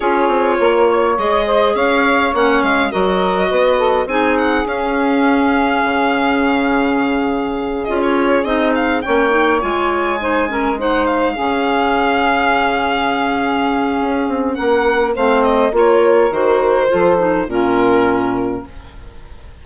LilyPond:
<<
  \new Staff \with { instrumentName = "violin" } { \time 4/4 \tempo 4 = 103 cis''2 dis''4 f''4 | fis''8 f''8 dis''2 gis''8 fis''8 | f''1~ | f''4. dis''16 cis''8. dis''8 f''8 g''8~ |
g''8 gis''2 fis''8 f''4~ | f''1~ | f''4 fis''4 f''8 dis''8 cis''4 | c''2 ais'2 | }
  \new Staff \with { instrumentName = "saxophone" } { \time 4/4 gis'4 ais'8 cis''4 c''8 cis''4~ | cis''4 ais'4 b'8 a'8 gis'4~ | gis'1~ | gis'2.~ gis'8 cis''8~ |
cis''4. c''8 ais'8 c''4 gis'8~ | gis'1~ | gis'4 ais'4 c''4 ais'4~ | ais'4 a'4 f'2 | }
  \new Staff \with { instrumentName = "clarinet" } { \time 4/4 f'2 gis'2 | cis'4 fis'2 dis'4 | cis'1~ | cis'4. f'4 dis'4 cis'8 |
dis'8 f'4 dis'8 cis'8 dis'4 cis'8~ | cis'1~ | cis'2 c'4 f'4 | fis'4 f'8 dis'8 cis'2 | }
  \new Staff \with { instrumentName = "bassoon" } { \time 4/4 cis'8 c'8 ais4 gis4 cis'4 | ais8 gis8 fis4 b4 c'4 | cis'2 cis2~ | cis4. cis'4 c'4 ais8~ |
ais8 gis2. cis8~ | cis1 | cis'8 c'8 ais4 a4 ais4 | dis4 f4 ais,2 | }
>>